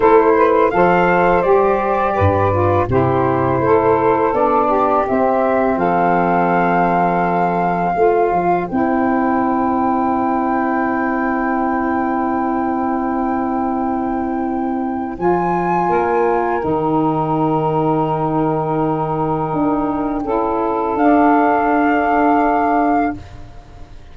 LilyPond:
<<
  \new Staff \with { instrumentName = "flute" } { \time 4/4 \tempo 4 = 83 c''4 f''4 d''2 | c''2 d''4 e''4 | f''1 | g''1~ |
g''1~ | g''4 gis''2 g''4~ | g''1~ | g''4 f''2. | }
  \new Staff \with { instrumentName = "saxophone" } { \time 4/4 a'8 b'8 c''2 b'4 | g'4 a'4. g'4. | a'2. c''4~ | c''1~ |
c''1~ | c''2 ais'2~ | ais'1 | a'1 | }
  \new Staff \with { instrumentName = "saxophone" } { \time 4/4 e'4 a'4 g'4. f'8 | e'2 d'4 c'4~ | c'2. f'4 | e'1~ |
e'1~ | e'4 f'2 dis'4~ | dis'1 | e'4 d'2. | }
  \new Staff \with { instrumentName = "tuba" } { \time 4/4 a4 f4 g4 g,4 | c4 a4 b4 c'4 | f2. a8 f8 | c'1~ |
c'1~ | c'4 f4 ais4 dis4~ | dis2. d'4 | cis'4 d'2. | }
>>